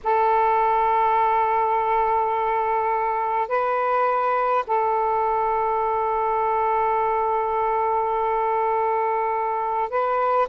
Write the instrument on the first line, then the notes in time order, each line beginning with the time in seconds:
saxophone
0.03 A4
3.48 B4
4.67 A4
9.89 B4